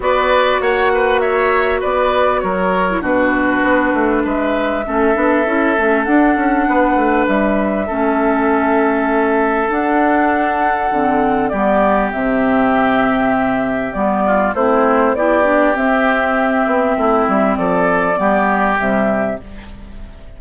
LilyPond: <<
  \new Staff \with { instrumentName = "flute" } { \time 4/4 \tempo 4 = 99 d''4 fis''4 e''4 d''4 | cis''4 b'2 e''4~ | e''2 fis''2 | e''1 |
fis''2. d''4 | e''2. d''4 | c''4 d''4 e''2~ | e''4 d''2 e''4 | }
  \new Staff \with { instrumentName = "oboe" } { \time 4/4 b'4 cis''8 b'8 cis''4 b'4 | ais'4 fis'2 b'4 | a'2. b'4~ | b'4 a'2.~ |
a'2. g'4~ | g'2.~ g'8 f'8 | e'4 g'2. | e'4 a'4 g'2 | }
  \new Staff \with { instrumentName = "clarinet" } { \time 4/4 fis'1~ | fis'8. e'16 d'2. | cis'8 d'8 e'8 cis'8 d'2~ | d'4 cis'2. |
d'2 c'4 b4 | c'2. b4 | c'4 e'8 d'8 c'2~ | c'2 b4 g4 | }
  \new Staff \with { instrumentName = "bassoon" } { \time 4/4 b4 ais2 b4 | fis4 b,4 b8 a8 gis4 | a8 b8 cis'8 a8 d'8 cis'8 b8 a8 | g4 a2. |
d'2 d4 g4 | c2. g4 | a4 b4 c'4. b8 | a8 g8 f4 g4 c4 | }
>>